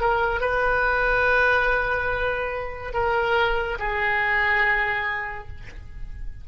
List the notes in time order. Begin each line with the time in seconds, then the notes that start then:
0.00 A#4
0.40 B4
2.93 A#4
3.79 G#4